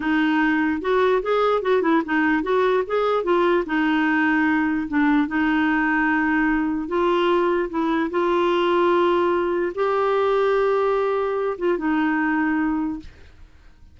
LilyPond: \new Staff \with { instrumentName = "clarinet" } { \time 4/4 \tempo 4 = 148 dis'2 fis'4 gis'4 | fis'8 e'8 dis'4 fis'4 gis'4 | f'4 dis'2. | d'4 dis'2.~ |
dis'4 f'2 e'4 | f'1 | g'1~ | g'8 f'8 dis'2. | }